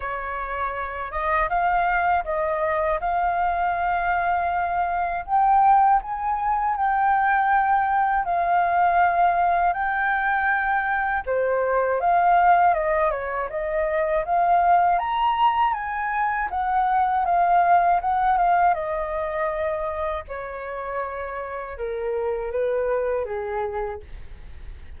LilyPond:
\new Staff \with { instrumentName = "flute" } { \time 4/4 \tempo 4 = 80 cis''4. dis''8 f''4 dis''4 | f''2. g''4 | gis''4 g''2 f''4~ | f''4 g''2 c''4 |
f''4 dis''8 cis''8 dis''4 f''4 | ais''4 gis''4 fis''4 f''4 | fis''8 f''8 dis''2 cis''4~ | cis''4 ais'4 b'4 gis'4 | }